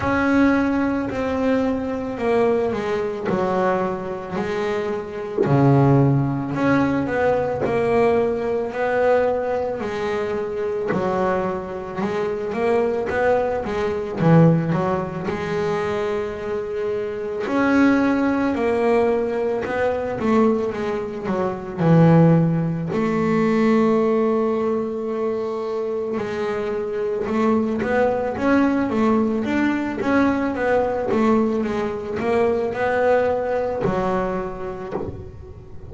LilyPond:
\new Staff \with { instrumentName = "double bass" } { \time 4/4 \tempo 4 = 55 cis'4 c'4 ais8 gis8 fis4 | gis4 cis4 cis'8 b8 ais4 | b4 gis4 fis4 gis8 ais8 | b8 gis8 e8 fis8 gis2 |
cis'4 ais4 b8 a8 gis8 fis8 | e4 a2. | gis4 a8 b8 cis'8 a8 d'8 cis'8 | b8 a8 gis8 ais8 b4 fis4 | }